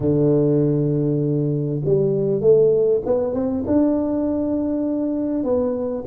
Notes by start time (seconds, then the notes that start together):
0.00 D3
1.85 G3
2.40 A3
3.05 B3
3.33 C4
3.66 D4
5.43 B3